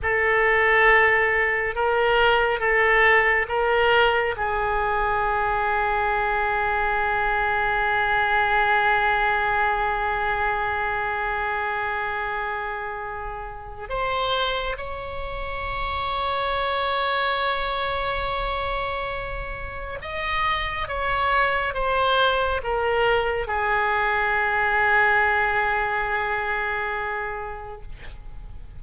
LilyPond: \new Staff \with { instrumentName = "oboe" } { \time 4/4 \tempo 4 = 69 a'2 ais'4 a'4 | ais'4 gis'2.~ | gis'1~ | gis'1 |
c''4 cis''2.~ | cis''2. dis''4 | cis''4 c''4 ais'4 gis'4~ | gis'1 | }